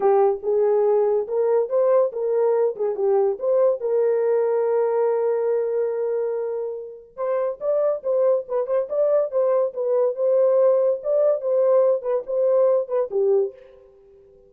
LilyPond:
\new Staff \with { instrumentName = "horn" } { \time 4/4 \tempo 4 = 142 g'4 gis'2 ais'4 | c''4 ais'4. gis'8 g'4 | c''4 ais'2.~ | ais'1~ |
ais'4 c''4 d''4 c''4 | b'8 c''8 d''4 c''4 b'4 | c''2 d''4 c''4~ | c''8 b'8 c''4. b'8 g'4 | }